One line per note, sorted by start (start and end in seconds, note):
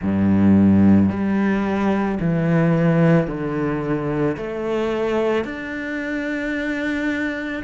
0.01 1.09 G2
1.09 2.18 G3
2.20 3.27 E3
3.27 4.36 D3
4.36 5.44 A3
5.44 7.62 D4